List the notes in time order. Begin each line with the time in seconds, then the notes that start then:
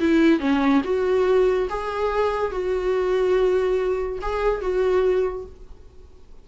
0.00 E4
0.40 C#4
0.84 F#4
1.70 G#4
2.52 F#4
4.22 G#4
4.61 F#4